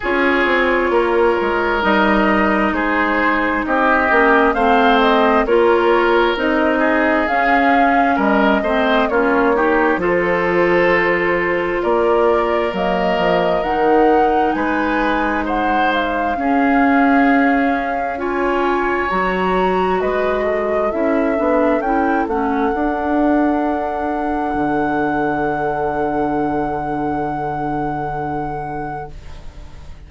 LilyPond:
<<
  \new Staff \with { instrumentName = "flute" } { \time 4/4 \tempo 4 = 66 cis''2 dis''4 c''4 | dis''4 f''8 dis''8 cis''4 dis''4 | f''4 dis''4 cis''4 c''4~ | c''4 d''4 dis''4 fis''4 |
gis''4 fis''8 f''2~ f''8 | gis''4 ais''4 dis''4 e''4 | g''8 fis''2.~ fis''8~ | fis''1 | }
  \new Staff \with { instrumentName = "oboe" } { \time 4/4 gis'4 ais'2 gis'4 | g'4 c''4 ais'4. gis'8~ | gis'4 ais'8 c''8 f'8 g'8 a'4~ | a'4 ais'2. |
b'4 c''4 gis'2 | cis''2 b'8 a'4.~ | a'1~ | a'1 | }
  \new Staff \with { instrumentName = "clarinet" } { \time 4/4 f'2 dis'2~ | dis'8 cis'8 c'4 f'4 dis'4 | cis'4. c'8 cis'8 dis'8 f'4~ | f'2 ais4 dis'4~ |
dis'2 cis'2 | f'4 fis'2 e'8 d'8 | e'8 cis'8 d'2.~ | d'1 | }
  \new Staff \with { instrumentName = "bassoon" } { \time 4/4 cis'8 c'8 ais8 gis8 g4 gis4 | c'8 ais8 a4 ais4 c'4 | cis'4 g8 a8 ais4 f4~ | f4 ais4 fis8 f8 dis4 |
gis2 cis'2~ | cis'4 fis4 gis4 cis'8 b8 | cis'8 a8 d'2 d4~ | d1 | }
>>